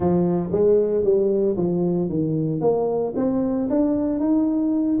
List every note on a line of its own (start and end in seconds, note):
0.00 0.50 F3
0.52 1.04 G#3
1.04 1.56 G3
1.56 2.09 F3
2.09 2.61 D#3
2.61 3.13 A#3
3.16 3.68 C4
3.69 4.19 D4
4.19 4.98 D#4